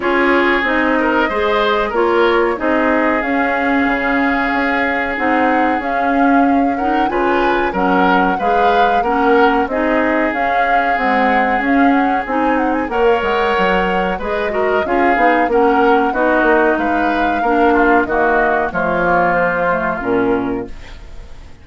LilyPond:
<<
  \new Staff \with { instrumentName = "flute" } { \time 4/4 \tempo 4 = 93 cis''4 dis''2 cis''4 | dis''4 f''2. | fis''4 f''4. fis''8 gis''4 | fis''4 f''4 fis''4 dis''4 |
f''4 fis''4 f''8 fis''8 gis''8 fis''16 gis''16 | fis''16 f''16 fis''4. dis''4 f''4 | fis''4 dis''4 f''2 | dis''4 cis''4 c''4 ais'4 | }
  \new Staff \with { instrumentName = "oboe" } { \time 4/4 gis'4. ais'8 c''4 ais'4 | gis'1~ | gis'2~ gis'8 ais'8 b'4 | ais'4 b'4 ais'4 gis'4~ |
gis'1 | cis''2 b'8 ais'8 gis'4 | ais'4 fis'4 b'4 ais'8 f'8 | fis'4 f'2. | }
  \new Staff \with { instrumentName = "clarinet" } { \time 4/4 f'4 dis'4 gis'4 f'4 | dis'4 cis'2. | dis'4 cis'4. dis'8 f'4 | cis'4 gis'4 cis'4 dis'4 |
cis'4 gis4 cis'4 dis'4 | ais'2 gis'8 fis'8 f'8 dis'8 | cis'4 dis'2 d'4 | ais4 a8 ais4 a8 cis'4 | }
  \new Staff \with { instrumentName = "bassoon" } { \time 4/4 cis'4 c'4 gis4 ais4 | c'4 cis'4 cis4 cis'4 | c'4 cis'2 cis4 | fis4 gis4 ais4 c'4 |
cis'4 c'4 cis'4 c'4 | ais8 gis8 fis4 gis4 cis'8 b8 | ais4 b8 ais8 gis4 ais4 | dis4 f2 ais,4 | }
>>